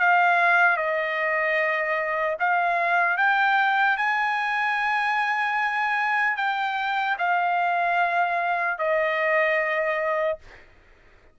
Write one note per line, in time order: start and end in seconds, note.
0.00 0.77 F5
0.77 2.37 D#5
2.40 3.17 F5
3.17 3.97 G5
3.97 6.37 G#5
6.37 7.17 G5
7.19 8.79 F5
8.79 10.39 D#5